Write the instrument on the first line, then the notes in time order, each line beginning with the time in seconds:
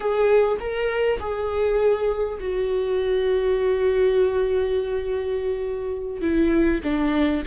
viola
0.00 G#4
0.59 A#4
1.19 G#4
2.40 F#4
6.21 E4
6.83 D4